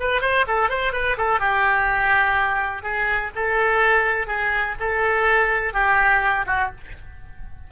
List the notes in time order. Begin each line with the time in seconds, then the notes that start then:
0.00 B4
0.22 C5
0.48 A4
0.70 C5
0.93 B4
1.18 A4
1.40 G4
2.83 G#4
3.36 A4
4.27 G#4
4.80 A4
5.74 G4
6.47 F#4